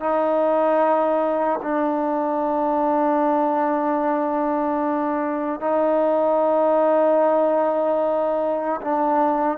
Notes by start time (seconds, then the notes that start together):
0.00 D#4
1.63 D4
5.61 D#4
8.82 D4